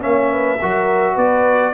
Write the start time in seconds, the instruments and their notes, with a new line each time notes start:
0.00 tuba A#3, trombone C#4, horn C#5, trumpet E5
0.31 horn B4
0.61 tuba F#3, trombone F#4, horn A#4
1.14 tuba B3, horn B4, trumpet D5